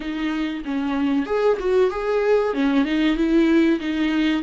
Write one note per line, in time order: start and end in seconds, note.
0.00 0.63 D#4
0.64 1.25 C#4
1.25 1.57 G#4
1.59 1.90 F#4
1.90 2.53 G#4
2.53 2.84 C#4
2.84 3.16 D#4
3.16 3.79 E4
3.80 4.42 D#4